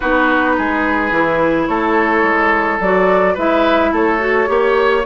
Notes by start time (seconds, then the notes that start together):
0.00 B3 D#4 F#4 B4
0.57 G#3 G#4
1.11 E3 E4
1.66 A3 A4 C#5
2.22 G#3
2.80 F#3 F#4 D5
3.34 G#3 E4 B4 E5
3.92 A3 A4 C#5
4.19 F#4
4.46 A#3 G4 C#5